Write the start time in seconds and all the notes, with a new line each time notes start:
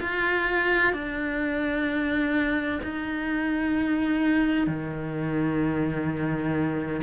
0.00 F4
0.93 D4
2.83 D#4
4.67 D#3